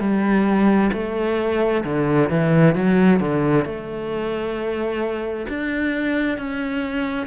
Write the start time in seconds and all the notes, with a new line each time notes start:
0.00 G3
0.93 A3
1.85 D3
2.30 E3
2.76 F#3
3.20 D3
3.65 A3
5.49 D4
6.38 C#4